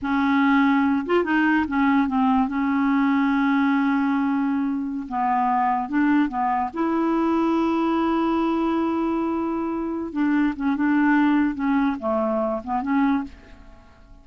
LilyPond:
\new Staff \with { instrumentName = "clarinet" } { \time 4/4 \tempo 4 = 145 cis'2~ cis'8 f'8 dis'4 | cis'4 c'4 cis'2~ | cis'1~ | cis'16 b2 d'4 b8.~ |
b16 e'2.~ e'8.~ | e'1~ | e'8 d'4 cis'8 d'2 | cis'4 a4. b8 cis'4 | }